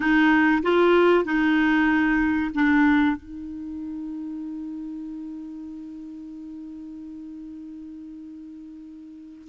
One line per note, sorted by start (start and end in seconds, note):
0.00 0.62 D#4
0.62 1.24 F4
1.24 2.51 D#4
2.54 3.16 D4
3.16 9.48 D#4